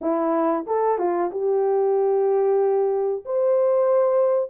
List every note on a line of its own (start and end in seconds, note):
0.01 0.65 E4
0.67 0.98 A4
0.98 1.30 F4
1.31 3.24 G4
3.25 4.50 C5